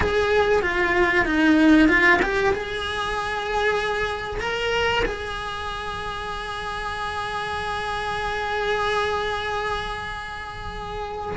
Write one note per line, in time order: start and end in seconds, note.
0.00 0.61 G#4
0.61 1.25 F4
1.25 1.88 D#4
1.88 2.20 F4
2.22 2.53 G4
2.53 4.40 G#4
4.40 5.03 A#4
5.05 11.37 G#4